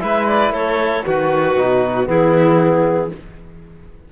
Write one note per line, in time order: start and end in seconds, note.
0.00 0.51 G#3
0.00 1.04 E4
0.00 0.54 B4
0.00 0.26 E5
0.27 0.53 D5
0.51 1.02 A3
0.51 1.05 A4
0.51 1.05 C#5
1.05 1.57 D#3
1.05 1.56 F#4
1.05 2.09 F#4
1.05 2.09 B4
1.57 2.08 B2
1.57 2.06 D#4
2.06 3.11 E3
2.06 3.09 B3
2.06 3.12 E4
2.06 3.12 G#4